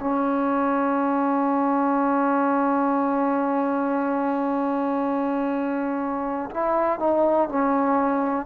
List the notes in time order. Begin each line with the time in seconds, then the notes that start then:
0.00 C#4
6.51 E4
6.99 D#4
7.49 C#4